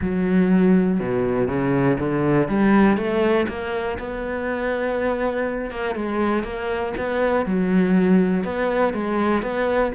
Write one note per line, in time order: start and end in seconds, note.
0.01 1.00 F#3
1.00 1.48 B2
1.48 1.97 C#3
1.99 2.48 D3
2.48 2.97 G3
2.97 3.46 A3
3.48 3.98 A#3
3.98 5.70 B3
5.70 5.95 A#3
5.95 6.43 G#3
6.43 6.93 A#3
6.97 7.45 B3
7.45 8.44 F#3
8.44 8.93 B3
8.93 9.42 G#3
9.42 9.92 B3